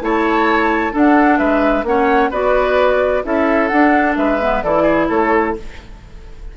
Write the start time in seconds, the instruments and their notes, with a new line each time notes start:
0.00 bassoon A3, clarinet E4, oboe C#5, flute A5
0.92 clarinet D4, bassoon D4, oboe A4, flute F#5
1.38 bassoon G#3, oboe B4, flute E5
1.83 bassoon A#3, clarinet C#4, oboe C#5, flute F#5
2.30 bassoon B3, clarinet F#4, oboe B4, flute D5
3.23 bassoon C#4, clarinet E4, oboe A4, flute E5
3.67 bassoon D4, clarinet D4, flute F#5
4.16 bassoon G#3, oboe B4, flute E5
4.40 clarinet B3
4.62 bassoon E3, clarinet E4, oboe A4, flute D5
4.82 oboe G#4
5.09 bassoon A3, oboe A4, flute C#5